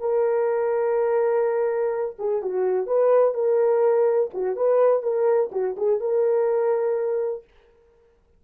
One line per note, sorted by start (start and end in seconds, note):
0.00 2.16 A#4
2.19 2.42 G#4
2.42 2.87 F#4
2.87 3.34 B4
3.34 4.30 A#4
4.34 4.56 F#4
4.56 5.03 B4
5.03 5.51 A#4
5.52 5.76 F#4
5.77 6.00 G#4
6.00 7.44 A#4